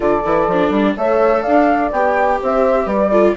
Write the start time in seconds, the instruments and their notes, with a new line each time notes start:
0.00 bassoon D3, viola F4, horn A4, flute D5
0.25 bassoon E3, viola E4
0.47 bassoon F3, viola D4
0.70 bassoon G3
0.96 bassoon A3, viola A4, horn C#5, flute E5
1.42 bassoon D4, horn D5, flute F5
1.91 bassoon B3, viola G4, flute G5
2.41 bassoon C4, horn C5, flute E5
2.85 bassoon G3, horn B4, flute D5
3.11 viola F4, horn A4